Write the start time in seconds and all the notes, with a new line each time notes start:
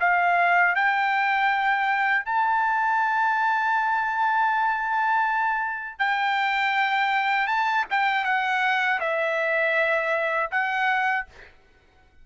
0.00 F5
0.75 G5
2.25 A5
5.99 G5
7.47 A5
7.91 G5
8.24 F#5
9.00 E5
10.51 F#5